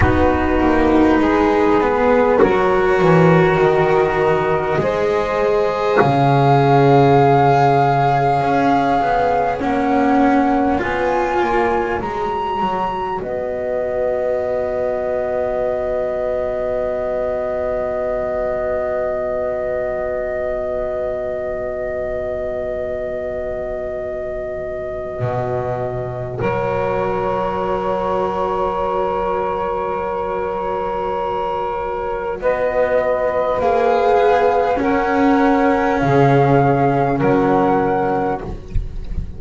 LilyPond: <<
  \new Staff \with { instrumentName = "flute" } { \time 4/4 \tempo 4 = 50 b'2 cis''4 dis''4~ | dis''4 f''2. | fis''4 gis''4 ais''4 dis''4~ | dis''1~ |
dis''1~ | dis''2 cis''2~ | cis''2. dis''4 | f''4 fis''4 f''4 fis''4 | }
  \new Staff \with { instrumentName = "saxophone" } { \time 4/4 fis'4 gis'4 ais'2 | c''4 cis''2.~ | cis''2. b'4~ | b'1~ |
b'1~ | b'2 ais'2~ | ais'2. b'4~ | b'4 ais'4 gis'4 ais'4 | }
  \new Staff \with { instrumentName = "cello" } { \time 4/4 dis'4. b8 fis'2 | gis'1 | cis'4 f'4 fis'2~ | fis'1~ |
fis'1~ | fis'1~ | fis'1 | gis'4 cis'2. | }
  \new Staff \with { instrumentName = "double bass" } { \time 4/4 b8 ais8 gis4 fis8 e8 dis4 | gis4 cis2 cis'8 b8 | ais4 b8 ais8 gis8 fis8 b4~ | b1~ |
b1~ | b4 b,4 fis2~ | fis2. b4 | ais8 b8 cis'4 cis4 fis4 | }
>>